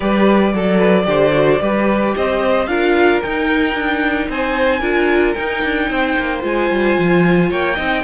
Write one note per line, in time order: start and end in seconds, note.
0.00 0.53 G3
0.00 0.50 G4
0.00 0.53 B4
0.00 2.14 D5
0.53 1.07 F#3
0.53 0.78 A4
0.53 1.04 A4
0.78 1.04 B4
1.04 1.60 D3
1.04 1.31 G4
1.04 1.61 C5
1.32 1.59 F#4
1.60 2.15 G3
1.60 2.67 G4
1.60 2.15 B4
2.16 2.66 C4
2.16 2.69 C5
2.16 2.66 D#5
2.66 3.20 D4
2.66 3.22 F4
2.66 4.29 A#4
2.66 3.20 F5
3.22 3.74 D#4
3.22 4.81 D#4
3.22 4.29 G5
3.74 4.27 D4
4.28 4.80 C4
4.28 4.79 C5
4.28 5.33 G#5
4.79 5.34 D4
4.79 5.35 F4
4.79 5.86 A#4
5.33 6.41 D#4
5.33 5.63 D#4
5.33 6.40 G5
5.63 5.90 D4
5.89 6.17 C4
5.89 7.49 C5
6.18 6.43 A#3
6.41 6.70 G#3
6.41 7.74 F4
6.41 7.51 G#5
6.70 6.97 G3
6.98 7.51 F3
7.49 7.77 A#3
7.49 7.75 C#5
7.49 8.03 G5
7.75 8.03 C4
7.75 8.03 D#4
7.75 8.02 D#5